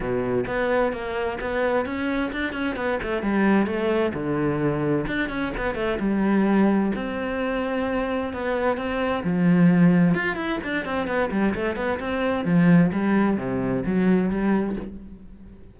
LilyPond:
\new Staff \with { instrumentName = "cello" } { \time 4/4 \tempo 4 = 130 b,4 b4 ais4 b4 | cis'4 d'8 cis'8 b8 a8 g4 | a4 d2 d'8 cis'8 | b8 a8 g2 c'4~ |
c'2 b4 c'4 | f2 f'8 e'8 d'8 c'8 | b8 g8 a8 b8 c'4 f4 | g4 c4 fis4 g4 | }